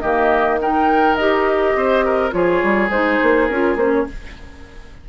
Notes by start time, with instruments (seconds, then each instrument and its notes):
0.00 bassoon D#3, clarinet A#3, oboe G4, flute D#5
0.62 clarinet D#4, oboe A#4, flute G5
1.16 bassoon D#4, clarinet G4, flute D#5
1.75 bassoon C4, oboe C5
2.06 oboe A#4
2.31 bassoon F3, clarinet F4, oboe G#4, flute C#5
2.63 bassoon G3
2.90 bassoon G#3, clarinet D#4, flute C5
3.23 bassoon A#3
3.47 bassoon C#4, clarinet F4, flute A#4
3.76 bassoon A#3, clarinet C#4, flute C5
3.93 flute C#5